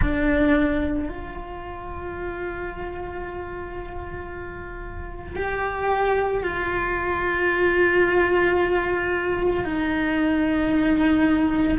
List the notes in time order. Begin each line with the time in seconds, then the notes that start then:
0.01 D4
1.09 F4
5.36 G4
6.43 F4
9.64 D#4